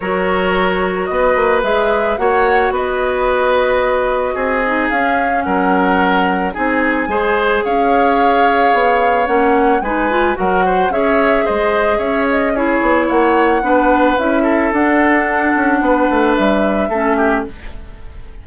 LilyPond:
<<
  \new Staff \with { instrumentName = "flute" } { \time 4/4 \tempo 4 = 110 cis''2 dis''4 e''4 | fis''4 dis''2.~ | dis''4 f''4 fis''2 | gis''2 f''2~ |
f''4 fis''4 gis''4 fis''4 | e''4 dis''4 e''8 dis''8 cis''4 | fis''2 e''4 fis''4~ | fis''2 e''2 | }
  \new Staff \with { instrumentName = "oboe" } { \time 4/4 ais'2 b'2 | cis''4 b'2. | gis'2 ais'2 | gis'4 c''4 cis''2~ |
cis''2 b'4 ais'8 c''8 | cis''4 c''4 cis''4 gis'4 | cis''4 b'4. a'4.~ | a'4 b'2 a'8 g'8 | }
  \new Staff \with { instrumentName = "clarinet" } { \time 4/4 fis'2. gis'4 | fis'1~ | fis'8 dis'8 cis'2. | dis'4 gis'2.~ |
gis'4 cis'4 dis'8 f'8 fis'4 | gis'2. e'4~ | e'4 d'4 e'4 d'4~ | d'2. cis'4 | }
  \new Staff \with { instrumentName = "bassoon" } { \time 4/4 fis2 b8 ais8 gis4 | ais4 b2. | c'4 cis'4 fis2 | c'4 gis4 cis'2 |
b4 ais4 gis4 fis4 | cis'4 gis4 cis'4. b8 | ais4 b4 cis'4 d'4~ | d'8 cis'8 b8 a8 g4 a4 | }
>>